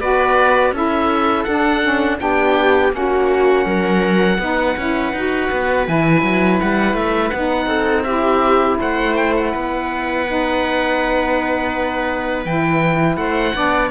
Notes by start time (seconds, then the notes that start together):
0.00 B3 F#4 B4 D5
0.71 C#4 E4 A4 E5
1.44 D4 F#5
1.83 C#4
2.18 B3 D4 G4 G5
2.91 A#3 C#4 F#5
2.97 F#4
3.66 F#3 A#4
4.39 B3 D#4 B4
4.77 C#4 E4
5.13 D#4 F#4
5.51 B3
5.86 E3 E4 G#5
6.22 F#3
6.61 G3 F#5
6.94 A3 E5
7.30 B3 D#4 F#5
7.66 C4 A4
8.03 E4 G4 E5
8.80 A3 C5 F#5
9.15 G5
9.37 F#5
9.52 B3 B4
10.26 D#4
12.45 E3 E4 G5
13.16 A3 C5 F#5
13.54 B3 D4 D5